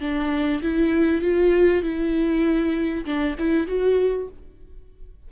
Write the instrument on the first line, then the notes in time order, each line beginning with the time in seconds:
viola
0.00 D4
0.62 E4
1.21 F4
1.82 E4
3.05 D4
3.38 E4
3.67 F#4